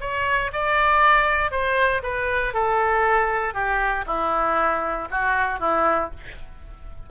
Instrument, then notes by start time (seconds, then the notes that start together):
oboe
0.00 C#5
0.52 D5
1.51 C5
2.03 B4
2.54 A4
3.54 G4
4.06 E4
5.11 F#4
5.60 E4